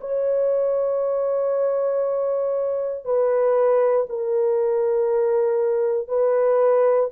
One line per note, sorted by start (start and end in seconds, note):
0.00 3.04 C#5
3.04 4.06 B4
4.09 6.07 A#4
6.07 7.09 B4